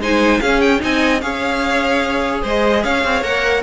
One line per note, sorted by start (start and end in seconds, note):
0.00 0.40 G#3
0.00 0.43 D#4
0.00 0.42 C5
0.00 0.41 G#5
0.41 0.83 C#4
0.41 0.80 C#4
0.41 0.82 G#4
0.41 0.61 F5
0.61 0.81 G5
0.80 1.23 C4
0.80 1.20 D#4
0.80 1.24 D#5
0.80 1.21 G#5
1.21 2.43 C#4
1.21 3.23 G#4
1.21 2.43 C#5
1.21 2.42 F5
2.43 2.85 G#3
2.43 2.83 C5
2.43 2.84 D#5
2.84 3.05 C#4
2.84 3.63 C#5
2.84 3.24 F5
3.05 3.22 C4
3.22 3.63 A#3
3.22 3.63 A#4
3.22 3.63 F#5